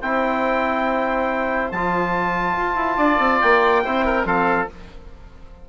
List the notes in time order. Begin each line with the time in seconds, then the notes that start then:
0.00 C4 E4 C5 G5
1.71 F3 F4 A5
2.57 F4
2.75 E4
2.97 D4 D5
3.18 C4
3.41 A#3 G5
3.84 C4 E4 C5
4.05 A#4
4.24 F3 C4 A4 F5